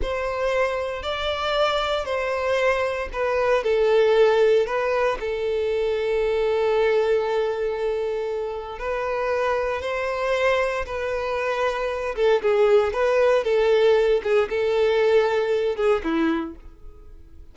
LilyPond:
\new Staff \with { instrumentName = "violin" } { \time 4/4 \tempo 4 = 116 c''2 d''2 | c''2 b'4 a'4~ | a'4 b'4 a'2~ | a'1~ |
a'4 b'2 c''4~ | c''4 b'2~ b'8 a'8 | gis'4 b'4 a'4. gis'8 | a'2~ a'8 gis'8 e'4 | }